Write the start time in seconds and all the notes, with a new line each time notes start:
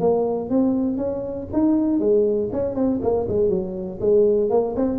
0.00 A#3
0.50 C4
0.97 C#4
1.53 D#4
2.00 G#3
2.52 C#4
2.75 C4
3.02 A#3
3.29 G#3
3.49 F#3
4.00 G#3
4.50 A#3
4.76 C4